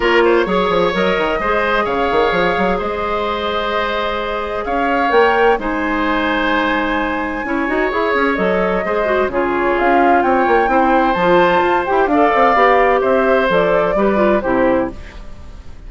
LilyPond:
<<
  \new Staff \with { instrumentName = "flute" } { \time 4/4 \tempo 4 = 129 cis''2 dis''2 | f''2 dis''2~ | dis''2 f''4 g''4 | gis''1~ |
gis''4 cis''4 dis''2 | cis''4 f''4 g''2 | a''4. g''8 f''2 | e''4 d''2 c''4 | }
  \new Staff \with { instrumentName = "oboe" } { \time 4/4 ais'8 c''8 cis''2 c''4 | cis''2 c''2~ | c''2 cis''2 | c''1 |
cis''2. c''4 | gis'2 cis''4 c''4~ | c''2 d''2 | c''2 b'4 g'4 | }
  \new Staff \with { instrumentName = "clarinet" } { \time 4/4 f'4 gis'4 ais'4 gis'4~ | gis'1~ | gis'2. ais'4 | dis'1 |
e'8 fis'8 gis'4 a'4 gis'8 fis'8 | f'2. e'4 | f'4. g'8 a'4 g'4~ | g'4 a'4 g'8 f'8 e'4 | }
  \new Staff \with { instrumentName = "bassoon" } { \time 4/4 ais4 fis8 f8 fis8 dis8 gis4 | cis8 dis8 f8 fis8 gis2~ | gis2 cis'4 ais4 | gis1 |
cis'8 dis'8 e'8 cis'8 fis4 gis4 | cis4 cis'4 c'8 ais8 c'4 | f4 f'8 e'8 d'8 c'8 b4 | c'4 f4 g4 c4 | }
>>